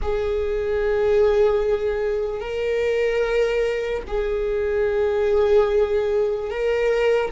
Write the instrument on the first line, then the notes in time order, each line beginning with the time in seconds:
viola
0.02 G#4
2.40 A#4
4.07 G#4
6.50 A#4